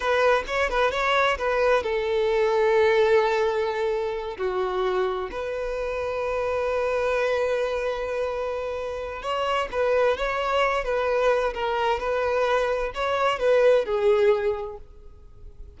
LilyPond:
\new Staff \with { instrumentName = "violin" } { \time 4/4 \tempo 4 = 130 b'4 cis''8 b'8 cis''4 b'4 | a'1~ | a'4. fis'2 b'8~ | b'1~ |
b'1 | cis''4 b'4 cis''4. b'8~ | b'4 ais'4 b'2 | cis''4 b'4 gis'2 | }